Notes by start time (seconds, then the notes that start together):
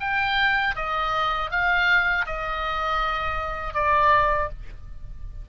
0.00 G5
0.76 D#5
1.51 F5
2.26 D#5
3.74 D5